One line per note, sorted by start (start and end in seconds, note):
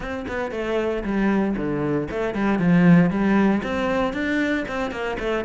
0.00 0.25 C4
0.28 0.51 B3
0.51 1.03 A3
1.03 1.55 G3
1.56 2.08 D3
2.10 2.34 A3
2.34 2.59 G3
2.59 3.10 F3
3.10 3.62 G3
3.63 4.13 C4
4.13 4.65 D4
4.68 4.91 C4
4.91 5.17 A#3
5.19 5.44 A3